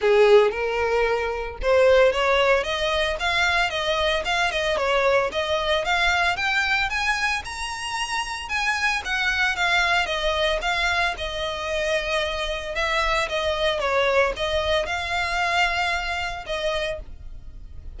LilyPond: \new Staff \with { instrumentName = "violin" } { \time 4/4 \tempo 4 = 113 gis'4 ais'2 c''4 | cis''4 dis''4 f''4 dis''4 | f''8 dis''8 cis''4 dis''4 f''4 | g''4 gis''4 ais''2 |
gis''4 fis''4 f''4 dis''4 | f''4 dis''2. | e''4 dis''4 cis''4 dis''4 | f''2. dis''4 | }